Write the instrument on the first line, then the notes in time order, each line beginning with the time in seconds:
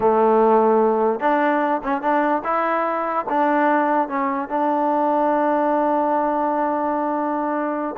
trombone
0.00 A3
1.20 D4
1.83 C#4
2.01 D4
2.44 E4
3.29 D4
4.08 C#4
4.48 D4